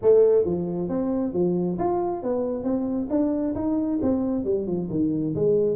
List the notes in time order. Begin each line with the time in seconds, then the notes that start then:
0.02 A3
0.45 F3
0.88 C4
1.33 F3
1.78 F4
2.23 B3
2.63 C4
3.09 D4
3.55 D#4
4.02 C4
4.44 G3
4.66 F3
4.90 D#3
5.35 G#3